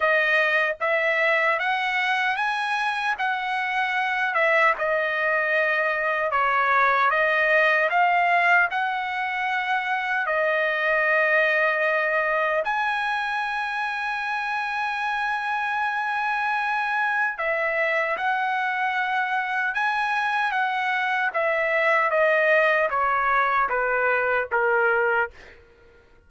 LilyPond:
\new Staff \with { instrumentName = "trumpet" } { \time 4/4 \tempo 4 = 76 dis''4 e''4 fis''4 gis''4 | fis''4. e''8 dis''2 | cis''4 dis''4 f''4 fis''4~ | fis''4 dis''2. |
gis''1~ | gis''2 e''4 fis''4~ | fis''4 gis''4 fis''4 e''4 | dis''4 cis''4 b'4 ais'4 | }